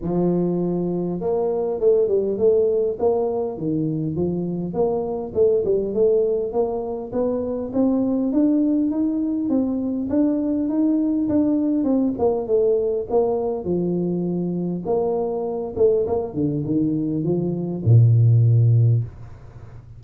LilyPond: \new Staff \with { instrumentName = "tuba" } { \time 4/4 \tempo 4 = 101 f2 ais4 a8 g8 | a4 ais4 dis4 f4 | ais4 a8 g8 a4 ais4 | b4 c'4 d'4 dis'4 |
c'4 d'4 dis'4 d'4 | c'8 ais8 a4 ais4 f4~ | f4 ais4. a8 ais8 d8 | dis4 f4 ais,2 | }